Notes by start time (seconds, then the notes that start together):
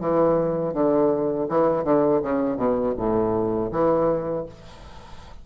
0.00 E3
0.73 D3
1.48 E3
1.84 D3
2.23 C#3
2.57 B2
2.97 A2
3.71 E3